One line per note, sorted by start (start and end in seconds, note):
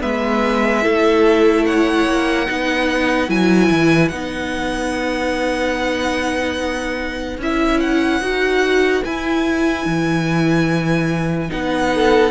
0.00 0.85 G#3
0.00 0.82 B3
0.00 0.83 B4
0.00 1.66 E5
0.82 2.07 A3
0.82 2.47 E4
0.82 1.65 A4
1.66 2.48 C#5
1.66 3.30 F#5
2.07 2.48 A#3
2.47 3.29 B3
2.47 3.28 D#4
2.47 11.93 B4
3.28 3.70 F#3
3.28 4.10 E4
3.28 4.09 G#5
3.70 4.11 E3
4.09 7.38 B3
4.09 7.40 D#4
4.09 7.37 F#5
7.38 8.21 C#4
7.38 8.22 E4
7.38 7.80 E5
7.80 9.04 F#5
8.21 9.03 D#4
8.21 9.04 F#4
9.04 11.49 E4
9.04 9.86 E4
9.04 11.51 G#5
9.86 11.50 E3
11.49 12.31 B3
11.49 12.31 D#4
11.49 12.31 F#5
11.95 12.31 A4